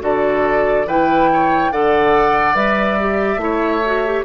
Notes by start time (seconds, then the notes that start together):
0.00 D3 F#4 A4 D5
0.86 E3 E4 B4 G5
1.33 C#5
1.72 D3 A4 D5 F#5
2.54 G3 B4 E5
3.00 G4
3.36 A3 E4
3.43 C#5
3.85 F#4
4.05 G4